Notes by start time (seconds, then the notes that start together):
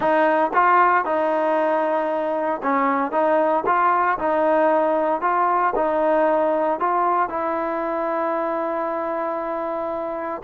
0.00 D#4
0.53 F4
1.04 D#4
2.62 C#4
3.11 D#4
3.65 F4
4.18 D#4
5.21 F4
5.75 D#4
6.79 F4
7.29 E4